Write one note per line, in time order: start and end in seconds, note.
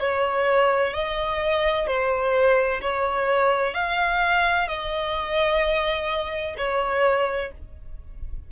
0.00 0.93 C#5
0.93 1.87 D#5
1.87 2.81 C5
2.81 3.75 C#5
3.75 4.68 F5
4.68 6.56 D#5
6.58 7.51 C#5